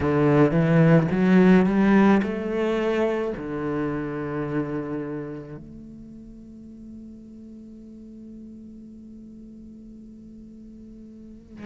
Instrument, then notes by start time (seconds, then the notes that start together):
cello
0.00 D3
0.51 E3
1.11 F#3
1.66 G3
2.22 A3
3.37 D3
5.57 A3